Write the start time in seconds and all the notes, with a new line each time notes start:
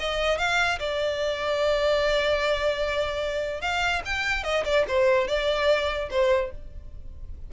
0.00 D#5
0.38 F5
0.80 D5
3.62 F5
4.06 G5
4.44 D#5
4.65 D5
4.88 C5
5.28 D5
6.11 C5